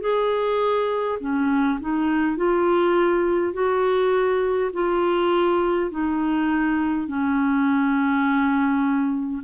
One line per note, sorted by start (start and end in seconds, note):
0.00 1.18 G#4
1.20 1.79 C#4
1.80 2.36 D#4
2.36 3.53 F4
3.53 4.71 F#4
4.73 5.90 F4
5.90 7.07 D#4
7.07 9.43 C#4